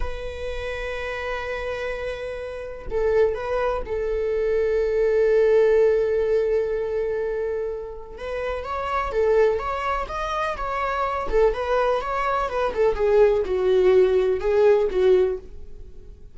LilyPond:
\new Staff \with { instrumentName = "viola" } { \time 4/4 \tempo 4 = 125 b'1~ | b'2 a'4 b'4 | a'1~ | a'1~ |
a'4 b'4 cis''4 a'4 | cis''4 dis''4 cis''4. a'8 | b'4 cis''4 b'8 a'8 gis'4 | fis'2 gis'4 fis'4 | }